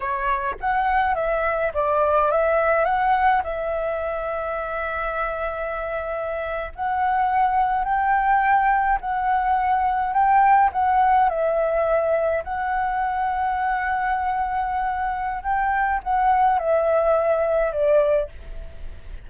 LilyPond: \new Staff \with { instrumentName = "flute" } { \time 4/4 \tempo 4 = 105 cis''4 fis''4 e''4 d''4 | e''4 fis''4 e''2~ | e''2.~ e''8. fis''16~ | fis''4.~ fis''16 g''2 fis''16~ |
fis''4.~ fis''16 g''4 fis''4 e''16~ | e''4.~ e''16 fis''2~ fis''16~ | fis''2. g''4 | fis''4 e''2 d''4 | }